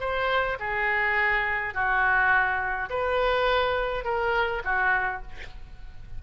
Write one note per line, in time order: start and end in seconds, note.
0.00 0.58 C5
0.60 1.74 G#4
1.74 2.90 F#4
2.90 4.05 B4
4.05 4.63 A#4
4.65 5.22 F#4